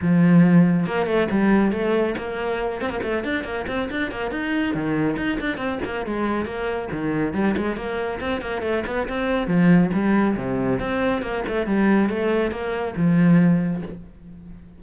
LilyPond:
\new Staff \with { instrumentName = "cello" } { \time 4/4 \tempo 4 = 139 f2 ais8 a8 g4 | a4 ais4. c'16 ais16 a8 d'8 | ais8 c'8 d'8 ais8 dis'4 dis4 | dis'8 d'8 c'8 ais8 gis4 ais4 |
dis4 g8 gis8 ais4 c'8 ais8 | a8 b8 c'4 f4 g4 | c4 c'4 ais8 a8 g4 | a4 ais4 f2 | }